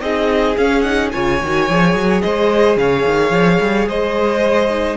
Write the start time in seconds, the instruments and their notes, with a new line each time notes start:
0.00 cello C4, viola D#4, violin G#4 D#5
0.56 viola C#4, cello C#4, violin F5
0.81 viola D#4, violin F#5
1.11 cello C#3, viola F4, violin C#5 G#5
1.43 cello D#3, viola F#4
1.69 cello F3, viola G#4
1.94 cello F#3
2.21 cello G#3, violin C5 D#5
2.76 cello C#3, violin C#5 F5
3.05 cello D#3
3.31 cello F3
3.60 cello G3
3.86 cello G#3, violin C5 D#5
4.70 viola D#4